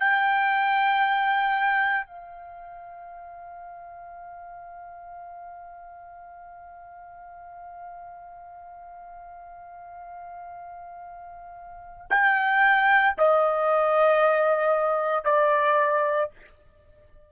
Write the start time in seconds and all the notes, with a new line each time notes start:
0.00 G5
2.06 F5
12.10 G5
13.18 D#5
15.24 D5